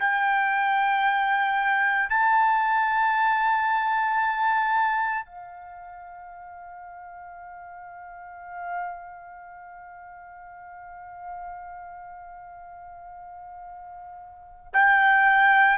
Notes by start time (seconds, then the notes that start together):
0.00 G5
2.10 A5
5.25 F5
14.74 G5